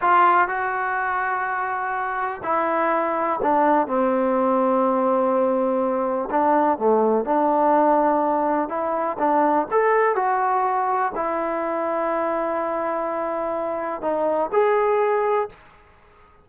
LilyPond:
\new Staff \with { instrumentName = "trombone" } { \time 4/4 \tempo 4 = 124 f'4 fis'2.~ | fis'4 e'2 d'4 | c'1~ | c'4 d'4 a4 d'4~ |
d'2 e'4 d'4 | a'4 fis'2 e'4~ | e'1~ | e'4 dis'4 gis'2 | }